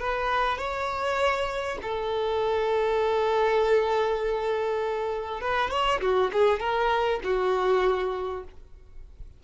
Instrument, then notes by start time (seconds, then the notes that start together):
violin
0.00 B4
0.59 C#5
1.83 A4
5.42 B4
5.71 C#5
6.02 F#4
6.33 G#4
6.60 A#4
7.24 F#4